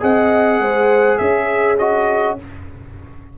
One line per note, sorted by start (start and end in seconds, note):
0.00 0.60 C4
0.00 1.76 G#4
0.00 0.60 D#5
0.00 1.18 F#5
0.60 1.18 G#3
0.60 1.20 C5
1.18 2.38 C#4
1.18 2.37 G#4
1.18 1.77 E5
1.78 2.38 F#4
1.78 2.37 D#5